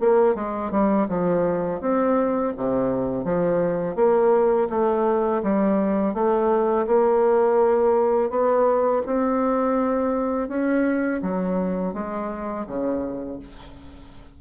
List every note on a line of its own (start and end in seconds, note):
0.00 0.35 A#3
0.35 0.71 G#3
0.71 1.07 G3
1.08 1.81 F3
1.81 2.53 C4
2.57 3.24 C3
3.24 3.96 F3
3.96 4.68 A#3
4.70 5.42 A3
5.42 6.14 G3
6.14 6.86 A3
6.86 8.29 A#3
8.29 9.02 B3
9.06 10.48 C4
10.48 11.20 C#4
11.22 11.93 F#3
11.93 12.66 G#3
12.67 13.39 C#3